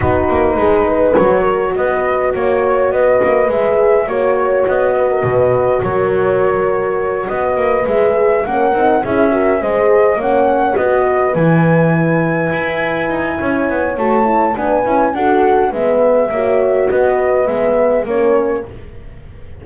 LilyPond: <<
  \new Staff \with { instrumentName = "flute" } { \time 4/4 \tempo 4 = 103 b'2 cis''4 dis''4 | cis''4 dis''4 e''4 cis''4 | dis''2 cis''2~ | cis''8 dis''4 e''4 fis''4 e''8~ |
e''8 dis''4 fis''4 dis''4 gis''8~ | gis''1 | a''4 gis''4 fis''4 e''4~ | e''4 dis''4 e''4 cis''4 | }
  \new Staff \with { instrumentName = "horn" } { \time 4/4 fis'4 gis'8 b'4 ais'8 b'4 | cis''4 b'2 cis''4~ | cis''8 b'16 ais'16 b'4 ais'2~ | ais'8 b'2 ais'4 gis'8 |
ais'8 c''4 cis''4 b'4.~ | b'2. cis''4~ | cis''4 b'4 a'4 b'4 | cis''4 b'2 ais'4 | }
  \new Staff \with { instrumentName = "horn" } { \time 4/4 dis'2 fis'2~ | fis'2 gis'4 fis'4~ | fis'1~ | fis'4. gis'4 cis'8 dis'8 e'8 |
fis'8 gis'4 cis'4 fis'4 e'8~ | e'1 | fis'8 e'8 d'8 e'8 fis'4 b4 | fis'2 b4 cis'4 | }
  \new Staff \with { instrumentName = "double bass" } { \time 4/4 b8 ais8 gis4 fis4 b4 | ais4 b8 ais8 gis4 ais4 | b4 b,4 fis2~ | fis8 b8 ais8 gis4 ais8 c'8 cis'8~ |
cis'8 gis4 ais4 b4 e8~ | e4. e'4 dis'8 cis'8 b8 | a4 b8 cis'8 d'4 gis4 | ais4 b4 gis4 ais4 | }
>>